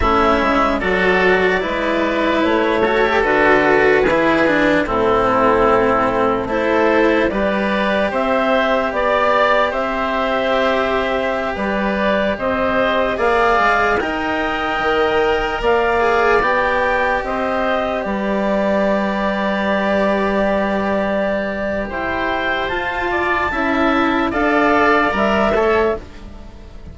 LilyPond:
<<
  \new Staff \with { instrumentName = "clarinet" } { \time 4/4 \tempo 4 = 74 e''4 d''2 cis''4 | b'2 a'2 | c''4 d''4 e''4 d''4 | e''2~ e''16 d''4 dis''8.~ |
dis''16 f''4 g''2 f''8.~ | f''16 g''4 dis''4 d''4.~ d''16~ | d''2. g''4 | a''2 f''4 e''4 | }
  \new Staff \with { instrumentName = "oboe" } { \time 4/4 e'4 a'4 b'4. a'8~ | a'4 gis'4 e'2 | a'4 b'4 c''4 d''4 | c''2~ c''16 b'4 c''8.~ |
c''16 d''4 dis''2 d''8.~ | d''4~ d''16 c''4 b'4.~ b'16~ | b'2. c''4~ | c''8 d''8 e''4 d''4. cis''8 | }
  \new Staff \with { instrumentName = "cello" } { \time 4/4 cis'4 fis'4 e'4. fis'16 g'16 | fis'4 e'8 d'8 c'2 | e'4 g'2.~ | g'1~ |
g'16 gis'4 ais'2~ ais'8 gis'16~ | gis'16 g'2.~ g'8.~ | g'1 | f'4 e'4 a'4 ais'8 a'8 | }
  \new Staff \with { instrumentName = "bassoon" } { \time 4/4 a8 gis8 fis4 gis4 a4 | d4 e4 a,2 | a4 g4 c'4 b4 | c'2~ c'16 g4 c'8.~ |
c'16 ais8 gis8 dis'4 dis4 ais8.~ | ais16 b4 c'4 g4.~ g16~ | g2. e'4 | f'4 cis'4 d'4 g8 a8 | }
>>